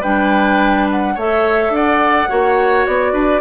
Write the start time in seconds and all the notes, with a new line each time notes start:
0.00 G3 D4 B4 G5
0.90 F#5
1.15 A3 A4 C#5 E5
1.70 D4 D5 F#5
2.28 A#3 F#4 C#5
2.86 B3 D5
3.12 D4 B4